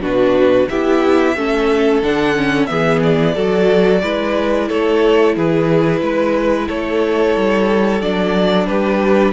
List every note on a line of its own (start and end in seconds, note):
0.00 0.67 B2
0.00 0.67 D4
0.00 0.68 F#4
0.00 0.69 B4
0.69 1.35 B3
0.69 1.36 E4
0.69 1.36 G4
0.69 2.02 E5
1.35 2.02 A3
1.35 2.02 C#4
1.35 2.70 A4
2.02 2.69 D3
2.02 2.35 D4
2.02 2.66 F#5
2.35 2.67 C#4
2.66 3.36 E3
2.66 3.34 B3
2.66 3.35 G#4
2.66 2.99 E5
3.02 4.68 D5
3.35 4.03 F#3
3.35 4.02 F#4
3.35 4.01 A4
4.02 4.69 G#3
4.02 8.01 E4
4.02 4.68 B4
4.68 5.36 A3
4.68 5.35 A4
4.68 5.35 C#5
5.35 6.01 E3
5.35 6.02 G#4
5.35 6.68 B4
6.01 6.68 G#3
6.01 6.68 B4
6.68 7.35 A3
6.68 8.68 A4
6.68 8.01 C#5
7.35 8.01 G3
8.01 8.67 F#3
8.01 9.33 D4
8.01 8.67 D5
8.67 9.33 G3
8.67 9.33 G4
8.67 9.33 B4